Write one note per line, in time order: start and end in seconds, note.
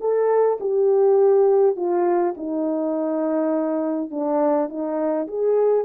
0.00 0.58 A4
0.60 1.76 G4
1.76 2.34 F4
2.37 4.10 D#4
4.10 4.69 D4
4.69 5.27 D#4
5.27 5.85 G#4